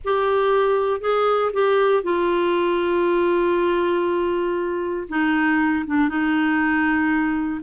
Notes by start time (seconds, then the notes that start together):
0.04 G4
1.01 G#4
1.53 G4
2.03 F4
5.08 D#4
5.86 D4
6.08 D#4